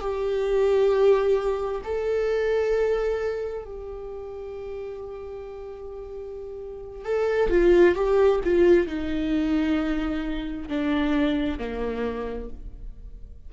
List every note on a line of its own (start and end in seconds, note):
0.00 1.82 G4
1.83 3.64 A4
3.64 7.05 G4
7.05 7.50 A4
7.50 7.95 F4
7.95 8.40 G4
8.44 8.87 F4
8.87 10.69 D#4
10.69 11.59 D4
11.59 12.50 A#3